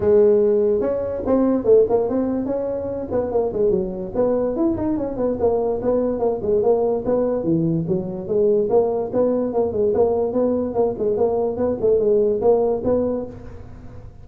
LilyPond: \new Staff \with { instrumentName = "tuba" } { \time 4/4 \tempo 4 = 145 gis2 cis'4 c'4 | a8 ais8 c'4 cis'4. b8 | ais8 gis8 fis4 b4 e'8 dis'8 | cis'8 b8 ais4 b4 ais8 gis8 |
ais4 b4 e4 fis4 | gis4 ais4 b4 ais8 gis8 | ais4 b4 ais8 gis8 ais4 | b8 a8 gis4 ais4 b4 | }